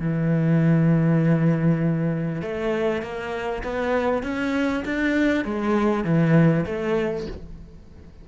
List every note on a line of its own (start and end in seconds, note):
0.00 2.42 E3
2.42 3.02 A3
3.02 3.63 A#3
3.64 4.23 B3
4.23 4.84 C#4
4.85 5.45 D4
5.45 6.04 G#3
6.04 6.65 E3
6.66 7.27 A3